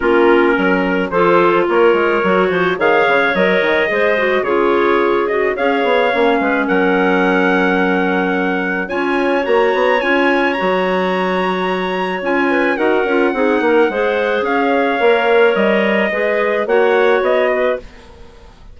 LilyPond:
<<
  \new Staff \with { instrumentName = "trumpet" } { \time 4/4 \tempo 4 = 108 ais'2 c''4 cis''4~ | cis''4 f''4 dis''2 | cis''4. dis''8 f''2 | fis''1 |
gis''4 ais''4 gis''4 ais''4~ | ais''2 gis''4 fis''4~ | fis''2 f''2 | dis''2 fis''4 dis''4 | }
  \new Staff \with { instrumentName = "clarinet" } { \time 4/4 f'4 ais'4 a'4 ais'4~ | ais'8 c''8 cis''2 c''4 | gis'2 cis''4. b'8 | ais'1 |
cis''1~ | cis''2~ cis''8 b'8 ais'4 | gis'8 ais'8 c''4 cis''2~ | cis''4 b'4 cis''4. b'8 | }
  \new Staff \with { instrumentName = "clarinet" } { \time 4/4 cis'2 f'2 | fis'4 gis'4 ais'4 gis'8 fis'8 | f'4. fis'8 gis'4 cis'4~ | cis'1 |
f'4 fis'4 f'4 fis'4~ | fis'2 f'4 fis'8 f'8 | dis'4 gis'2 ais'4~ | ais'4 gis'4 fis'2 | }
  \new Staff \with { instrumentName = "bassoon" } { \time 4/4 ais4 fis4 f4 ais8 gis8 | fis8 f8 dis8 cis8 fis8 dis8 gis4 | cis2 cis'8 b8 ais8 gis8 | fis1 |
cis'4 ais8 b8 cis'4 fis4~ | fis2 cis'4 dis'8 cis'8 | c'8 ais8 gis4 cis'4 ais4 | g4 gis4 ais4 b4 | }
>>